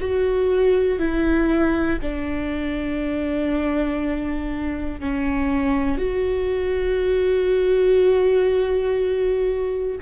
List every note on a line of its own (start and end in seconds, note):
0.00 0.99 F#4
0.99 1.99 E4
2.01 5.00 D4
5.00 5.97 C#4
5.97 9.97 F#4